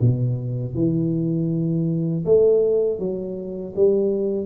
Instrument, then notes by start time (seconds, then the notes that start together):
tuba
0.00 B2
0.74 E3
2.25 A3
2.98 F#3
3.75 G3